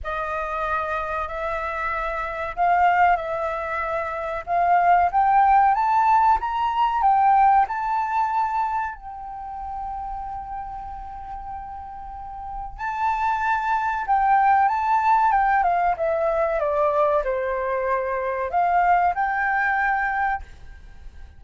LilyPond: \new Staff \with { instrumentName = "flute" } { \time 4/4 \tempo 4 = 94 dis''2 e''2 | f''4 e''2 f''4 | g''4 a''4 ais''4 g''4 | a''2 g''2~ |
g''1 | a''2 g''4 a''4 | g''8 f''8 e''4 d''4 c''4~ | c''4 f''4 g''2 | }